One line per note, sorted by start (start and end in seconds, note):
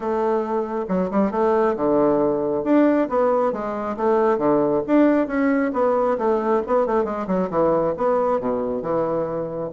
0.00 0.85 A3
0.88 1.10 F#3
1.10 1.31 G3
1.31 1.75 A3
1.76 2.64 D3
2.64 3.08 D4
3.09 3.52 B3
3.52 3.96 G#3
3.96 4.38 A3
4.38 4.82 D3
4.86 5.27 D4
5.27 5.71 C#4
5.73 6.17 B3
6.18 6.62 A3
6.66 6.86 B3
6.86 7.04 A3
7.04 7.26 G#3
7.27 7.49 F#3
7.50 7.94 E3
7.97 8.40 B3
8.40 8.82 B2
8.82 9.70 E3